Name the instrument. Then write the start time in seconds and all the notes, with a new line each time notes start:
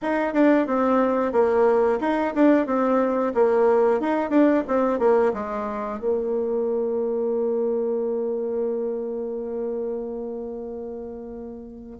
bassoon
0.02 D#4
0.33 D4
0.67 C4
1.32 A#3
2.00 D#4
2.35 D4
2.66 C4
3.34 A#3
4.00 D#4
4.30 D4
4.67 C4
4.99 A#3
5.33 G#3
5.99 A#3